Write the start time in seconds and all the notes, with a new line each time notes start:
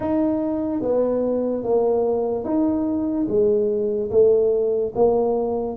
0.00 D#4
0.81 B3
1.63 A#3
2.44 D#4
3.28 G#3
4.10 A3
4.95 A#3